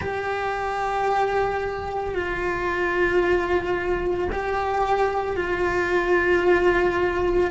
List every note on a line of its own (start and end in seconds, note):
0.00 2.14 G4
2.14 4.28 F4
4.31 5.36 G4
5.36 7.50 F4